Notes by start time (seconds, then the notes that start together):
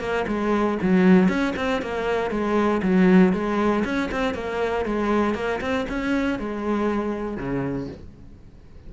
0.00 A#3
0.27 G#3
0.82 F#3
1.29 C#4
1.56 C4
1.82 A#3
2.31 G#3
2.82 F#3
3.33 G#3
3.84 C#4
4.11 C4
4.34 A#3
4.85 G#3
5.35 A#3
5.61 C4
5.89 C#4
6.39 G#3
7.37 C#3